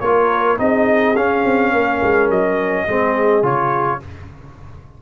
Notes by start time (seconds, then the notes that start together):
0.00 A#3 F4 A#4 C#5
0.58 C4 D#4 G#4 D#5
1.15 C#4 F5
1.45 C4
1.73 A#3 A#4
2.02 G#3
2.29 F#3 D#5
2.85 G#3 C4 G#4
3.42 C#3 F4 C#5